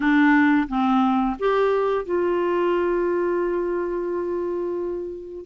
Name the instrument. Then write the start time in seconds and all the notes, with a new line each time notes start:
clarinet
0.00 D4
0.68 C4
1.39 G4
2.05 F4